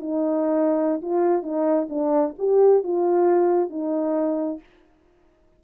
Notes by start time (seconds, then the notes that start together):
0.00 D#4
1.02 F4
1.43 D#4
1.89 D4
2.39 G4
2.84 F4
3.70 D#4